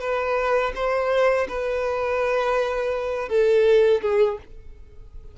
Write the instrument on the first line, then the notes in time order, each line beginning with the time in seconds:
violin
0.00 B4
0.75 C5
1.48 B4
3.29 A4
4.02 G#4